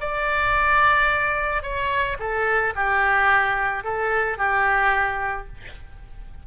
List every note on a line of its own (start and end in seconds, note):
0.00 1.62 D5
1.62 2.16 C#5
2.19 2.73 A4
2.75 3.83 G4
3.83 4.37 A4
4.37 5.46 G4